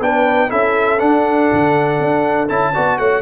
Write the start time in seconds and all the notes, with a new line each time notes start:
0.00 B3 D4 B4 G5
0.49 C#4 E4 A4 E5
1.00 D4 F#5
1.53 D3
2.00 D4
2.49 C#4 E4 A5
2.73 B3 F#4 D5
2.99 A3 C#5 F#5